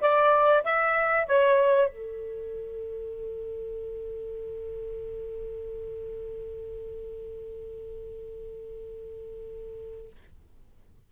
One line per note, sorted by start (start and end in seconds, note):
0.00 0.63 D5
0.64 1.26 E5
1.26 1.89 C#5
1.89 10.10 A4